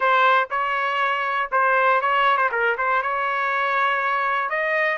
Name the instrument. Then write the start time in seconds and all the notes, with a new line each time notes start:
trumpet
0.00 C5
0.50 C#5
1.51 C5
2.01 C#5
2.37 C5
2.51 A#4
2.77 C5
3.02 C#5
4.49 D#5